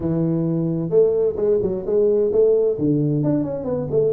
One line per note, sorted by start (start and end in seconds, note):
0.00 0.90 E3
0.90 1.35 A3
1.36 1.59 G#3
1.62 1.85 F#3
1.85 2.31 G#3
2.32 2.77 A3
2.78 3.23 D3
3.23 3.43 D4
3.43 3.64 C#4
3.64 3.87 B3
3.90 4.13 A3